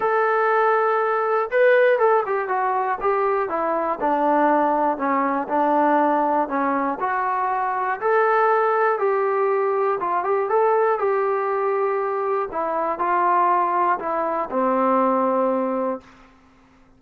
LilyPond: \new Staff \with { instrumentName = "trombone" } { \time 4/4 \tempo 4 = 120 a'2. b'4 | a'8 g'8 fis'4 g'4 e'4 | d'2 cis'4 d'4~ | d'4 cis'4 fis'2 |
a'2 g'2 | f'8 g'8 a'4 g'2~ | g'4 e'4 f'2 | e'4 c'2. | }